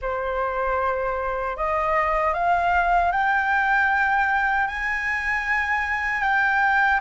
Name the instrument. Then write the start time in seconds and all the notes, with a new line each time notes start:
flute
0.01 C5
1.57 D#5
2.33 F5
3.11 G5
4.67 G#5
6.22 G5